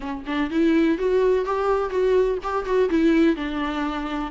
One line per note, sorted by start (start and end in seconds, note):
0.00 0.23 C#4
0.26 0.50 D4
0.50 0.97 E4
0.97 1.45 F#4
1.45 1.90 G4
1.90 2.38 F#4
2.43 2.65 G4
2.65 2.89 F#4
2.89 3.36 E4
3.36 4.31 D4